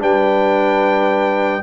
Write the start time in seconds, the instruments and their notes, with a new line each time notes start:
0.00 tuba G3, trombone D4, horn B4, trumpet G5